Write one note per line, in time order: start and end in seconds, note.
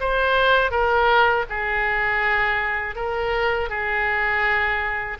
0.00 0.71 C5
0.71 1.45 A#4
1.49 2.95 G#4
2.95 3.69 A#4
3.69 5.18 G#4